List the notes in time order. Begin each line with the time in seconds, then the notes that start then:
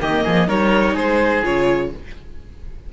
0.00 D#3 A#3 G4 D#5
0.24 F3 G#4
0.47 G3 D#4 A#4 C#5
0.94 G#3 G#4 C5
1.43 C#3 F4 C#5